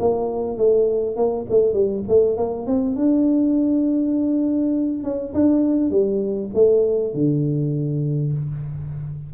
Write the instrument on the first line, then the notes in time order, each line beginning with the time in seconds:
tuba
0.00 A#3
0.57 A3
1.16 A#3
1.50 A3
1.73 G3
2.08 A3
2.37 A#3
2.67 C4
2.96 D4
5.04 C#4
5.34 D4
5.91 G3
6.54 A3
7.14 D3